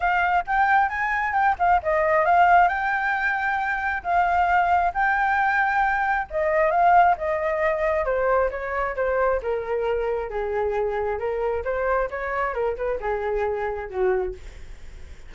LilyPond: \new Staff \with { instrumentName = "flute" } { \time 4/4 \tempo 4 = 134 f''4 g''4 gis''4 g''8 f''8 | dis''4 f''4 g''2~ | g''4 f''2 g''4~ | g''2 dis''4 f''4 |
dis''2 c''4 cis''4 | c''4 ais'2 gis'4~ | gis'4 ais'4 c''4 cis''4 | ais'8 b'8 gis'2 fis'4 | }